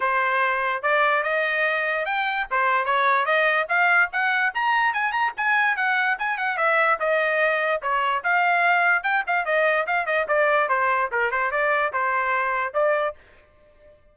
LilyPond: \new Staff \with { instrumentName = "trumpet" } { \time 4/4 \tempo 4 = 146 c''2 d''4 dis''4~ | dis''4 g''4 c''4 cis''4 | dis''4 f''4 fis''4 ais''4 | gis''8 ais''8 gis''4 fis''4 gis''8 fis''8 |
e''4 dis''2 cis''4 | f''2 g''8 f''8 dis''4 | f''8 dis''8 d''4 c''4 ais'8 c''8 | d''4 c''2 d''4 | }